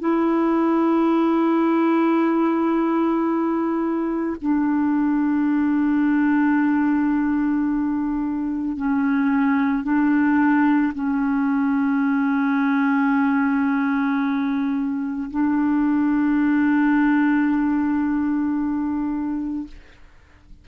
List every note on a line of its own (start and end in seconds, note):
0.00 4.36 E4
4.42 8.77 D4
8.77 9.84 C#4
9.84 10.93 D4
10.94 15.31 C#4
15.31 19.67 D4